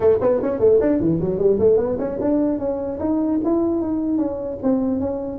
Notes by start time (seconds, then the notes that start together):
0.00 A3
0.21 B3
0.42 C#4
0.59 A3
0.81 D4
1.00 E3
1.20 F#3
1.38 G3
1.59 A3
1.77 B3
1.98 C#4
2.20 D4
2.58 C#4
2.99 D#4
3.44 E4
3.81 D#4
4.18 C#4
4.62 C4
5.00 C#4